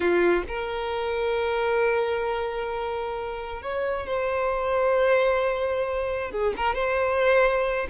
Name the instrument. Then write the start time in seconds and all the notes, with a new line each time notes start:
violin
0.00 F4
0.48 A#4
3.62 C#5
4.06 C5
6.31 G#4
6.56 A#4
6.74 C5